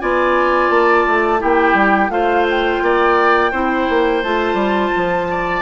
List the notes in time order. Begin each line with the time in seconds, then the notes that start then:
0.00 B3 F4 D5 G#5
0.70 A#3 A5
1.07 A3
1.39 A#3 E4 G4 G5
1.74 G3
2.10 A3 F4 C5 F5
2.50 G5
2.82 A#3 D5
3.52 C4 E4 C5
3.90 A#3
4.23 A3 F4 A5
4.54 G3
4.96 F3
5.31 D5